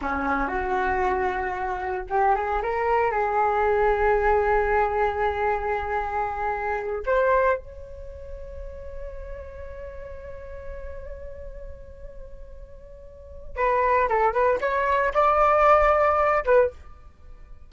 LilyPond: \new Staff \with { instrumentName = "flute" } { \time 4/4 \tempo 4 = 115 cis'4 fis'2. | g'8 gis'8 ais'4 gis'2~ | gis'1~ | gis'4. c''4 cis''4.~ |
cis''1~ | cis''1~ | cis''2 b'4 a'8 b'8 | cis''4 d''2~ d''8 b'8 | }